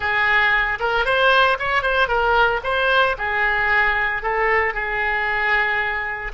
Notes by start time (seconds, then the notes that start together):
0.00 G#4
0.79 A#4
1.05 C5
1.59 C#5
1.82 C5
2.08 A#4
2.63 C5
3.18 G#4
4.22 A4
4.74 G#4